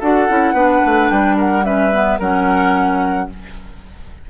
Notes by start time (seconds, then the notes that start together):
0.00 D4 F#4 A4 F#5
0.29 C#4 E4
0.53 B3 D4 B4
0.86 A3
1.10 G3 G5
1.38 A#4 F#5
1.64 C#4 B4 E5
1.92 B3
2.20 F#3 C#4 A#4 F#5